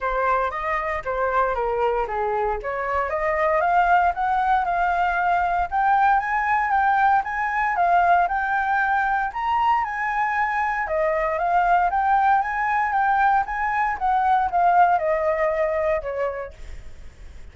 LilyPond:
\new Staff \with { instrumentName = "flute" } { \time 4/4 \tempo 4 = 116 c''4 dis''4 c''4 ais'4 | gis'4 cis''4 dis''4 f''4 | fis''4 f''2 g''4 | gis''4 g''4 gis''4 f''4 |
g''2 ais''4 gis''4~ | gis''4 dis''4 f''4 g''4 | gis''4 g''4 gis''4 fis''4 | f''4 dis''2 cis''4 | }